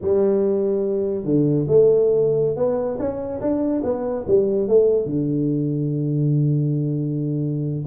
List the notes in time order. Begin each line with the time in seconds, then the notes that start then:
0.01 G3
1.24 D3
1.67 A3
2.56 B3
2.99 C#4
3.40 D4
3.83 B3
4.27 G3
4.68 A3
5.05 D3